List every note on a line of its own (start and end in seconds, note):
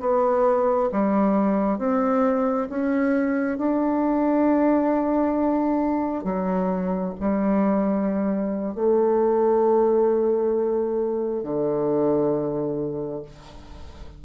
0.00 0.90 B3
0.92 1.78 G3
1.78 2.68 C4
2.70 3.58 C#4
3.58 6.24 D4
6.24 7.14 F#3
7.20 8.75 G3
8.75 11.43 A3
11.43 13.22 D3